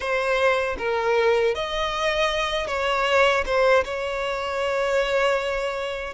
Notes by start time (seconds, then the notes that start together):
0.00 C5
0.77 A#4
1.54 D#5
2.67 C#5
3.45 C5
3.84 C#5